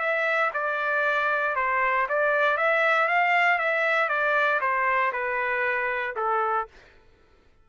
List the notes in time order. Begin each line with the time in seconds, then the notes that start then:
0.00 E5
0.54 D5
1.56 C5
2.09 D5
2.58 E5
3.08 F5
3.59 E5
4.09 D5
4.61 C5
5.13 B4
6.17 A4